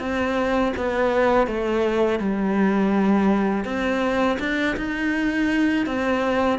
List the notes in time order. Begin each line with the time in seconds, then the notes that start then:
0.00 C4
0.77 B3
1.47 A3
2.20 G3
3.65 C4
4.40 D4
4.77 D#4
5.86 C4